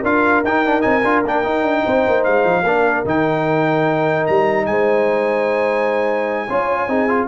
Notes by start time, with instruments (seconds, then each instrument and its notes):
0.00 tuba D4, trombone F4, horn A#4, trumpet F5
0.44 tuba D#4, trombone D#4, trumpet G5
0.65 trombone D4
0.80 tuba C4, trombone D#4, trumpet G#5
1.04 tuba D4, trombone F4
1.25 tuba A#3, trombone D4, trumpet G5
1.43 trombone D#4, tuba D#4
1.62 tuba D4
1.84 tuba C4, horn C5
2.07 tuba A#3
2.23 tuba G#3, trumpet F5
2.44 tuba F3
2.62 tuba A#3, trombone D4, horn A#4
3.04 tuba D#3, trombone D#4, trumpet G5
4.26 tuba G3, trumpet A#5
4.66 tuba G#3, horn C5, trumpet G#5
6.46 tuba C#4, trombone F4, horn C#5
6.87 tuba C4, trombone D#4, horn G#4
7.08 trombone F4